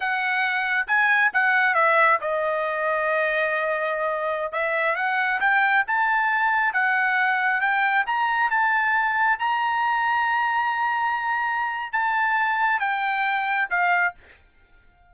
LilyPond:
\new Staff \with { instrumentName = "trumpet" } { \time 4/4 \tempo 4 = 136 fis''2 gis''4 fis''4 | e''4 dis''2.~ | dis''2~ dis''16 e''4 fis''8.~ | fis''16 g''4 a''2 fis''8.~ |
fis''4~ fis''16 g''4 ais''4 a''8.~ | a''4~ a''16 ais''2~ ais''8.~ | ais''2. a''4~ | a''4 g''2 f''4 | }